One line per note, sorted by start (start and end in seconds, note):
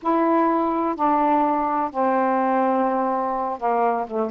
0.02 0.95 E4
0.95 1.90 D4
1.90 3.58 C4
3.58 4.06 A#3
4.07 4.30 A3